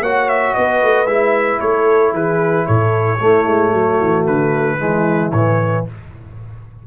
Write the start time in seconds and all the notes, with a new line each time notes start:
0.00 A#3 F#4 C#5 F#5
0.28 E5
0.54 B3 B4 D#5
0.82 A3
1.05 G#3 E4 E5
1.60 A3 A4 C#5
2.12 E3 G#4 B4
2.66 A2 A4 C#5
3.20 A3 E4
3.46 G#3
3.72 F#3 F#4
4.00 E3
4.26 D3 B4
4.76 E3 G#3 E4
5.31 A2 E3 C#5